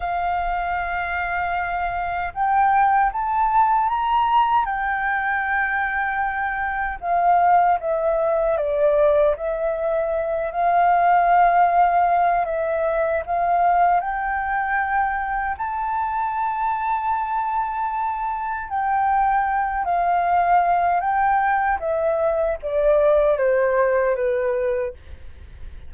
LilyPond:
\new Staff \with { instrumentName = "flute" } { \time 4/4 \tempo 4 = 77 f''2. g''4 | a''4 ais''4 g''2~ | g''4 f''4 e''4 d''4 | e''4. f''2~ f''8 |
e''4 f''4 g''2 | a''1 | g''4. f''4. g''4 | e''4 d''4 c''4 b'4 | }